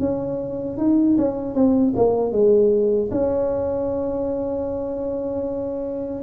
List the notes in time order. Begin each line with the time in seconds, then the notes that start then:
0.00 C#4
0.78 D#4
1.18 C#4
1.55 C4
1.97 A#3
2.32 G#3
3.12 C#4